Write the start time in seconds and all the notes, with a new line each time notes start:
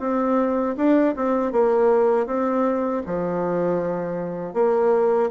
0.00 C4
0.77 D4
1.16 C4
1.52 A#3
2.27 C4
3.06 F3
4.54 A#3